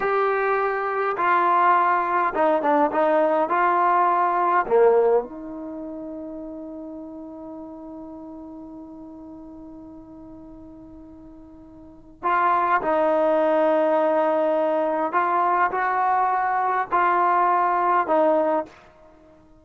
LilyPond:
\new Staff \with { instrumentName = "trombone" } { \time 4/4 \tempo 4 = 103 g'2 f'2 | dis'8 d'8 dis'4 f'2 | ais4 dis'2.~ | dis'1~ |
dis'1~ | dis'4 f'4 dis'2~ | dis'2 f'4 fis'4~ | fis'4 f'2 dis'4 | }